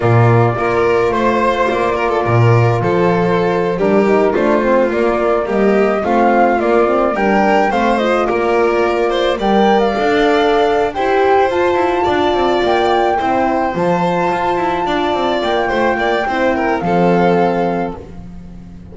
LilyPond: <<
  \new Staff \with { instrumentName = "flute" } { \time 4/4 \tempo 4 = 107 d''2 c''4 d''4~ | d''4 c''4.~ c''16 ais'4 c''16~ | c''8. d''4 dis''4 f''4 d''16~ | d''8. g''4 f''8 dis''8 d''4~ d''16~ |
d''8. g''8. f''2 g''8~ | g''8 a''2 g''4.~ | g''8 a''2. g''8~ | g''2 f''2 | }
  \new Staff \with { instrumentName = "violin" } { \time 4/4 f'4 ais'4 c''4. ais'16 a'16 | ais'4 a'4.~ a'16 g'4 f'16~ | f'4.~ f'16 g'4 f'4~ f'16~ | f'8. ais'4 c''4 ais'4~ ais'16~ |
ais'16 c''8 d''2~ d''8. c''8~ | c''4. d''2 c''8~ | c''2~ c''8 d''4. | c''8 d''8 c''8 ais'8 a'2 | }
  \new Staff \with { instrumentName = "horn" } { \time 4/4 ais4 f'2.~ | f'2~ f'8. d'8 dis'8 d'16~ | d'16 c'8 ais2 c'4 ais16~ | ais16 c'8 d'4 c'8 f'4.~ f'16~ |
f'8. ais'4 a'4.~ a'16 g'8~ | g'8 f'2. e'8~ | e'8 f'2.~ f'8~ | f'4 e'4 c'2 | }
  \new Staff \with { instrumentName = "double bass" } { \time 4/4 ais,4 ais4 a4 ais4 | ais,4 f4.~ f16 g4 a16~ | a8. ais4 g4 a4 ais16~ | ais8. g4 a4 ais4~ ais16~ |
ais8. g4 d'4.~ d'16 e'8~ | e'8 f'8 e'8 d'8 c'8 ais4 c'8~ | c'8 f4 f'8 e'8 d'8 c'8 ais8 | a8 ais8 c'4 f2 | }
>>